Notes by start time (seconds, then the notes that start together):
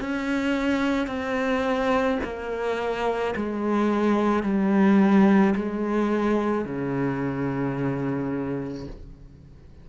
0.00 C#4
1.07 C4
2.23 A#3
3.36 G#3
4.43 G3
5.56 G#3
6.65 C#3